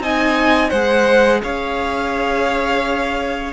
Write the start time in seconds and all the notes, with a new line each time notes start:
0.00 C4 D#4 D#5 G#5
0.69 G#3 G#4 C5 F#5
1.43 C#4 C#5 F5